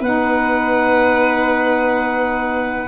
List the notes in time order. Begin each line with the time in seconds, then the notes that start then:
0.00 B3 D#4 B4 F#5